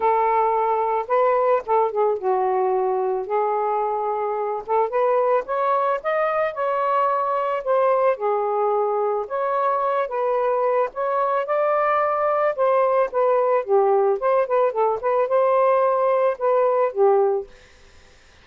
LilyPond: \new Staff \with { instrumentName = "saxophone" } { \time 4/4 \tempo 4 = 110 a'2 b'4 a'8 gis'8 | fis'2 gis'2~ | gis'8 a'8 b'4 cis''4 dis''4 | cis''2 c''4 gis'4~ |
gis'4 cis''4. b'4. | cis''4 d''2 c''4 | b'4 g'4 c''8 b'8 a'8 b'8 | c''2 b'4 g'4 | }